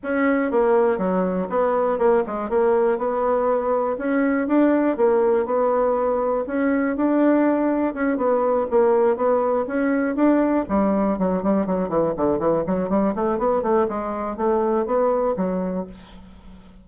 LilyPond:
\new Staff \with { instrumentName = "bassoon" } { \time 4/4 \tempo 4 = 121 cis'4 ais4 fis4 b4 | ais8 gis8 ais4 b2 | cis'4 d'4 ais4 b4~ | b4 cis'4 d'2 |
cis'8 b4 ais4 b4 cis'8~ | cis'8 d'4 g4 fis8 g8 fis8 | e8 d8 e8 fis8 g8 a8 b8 a8 | gis4 a4 b4 fis4 | }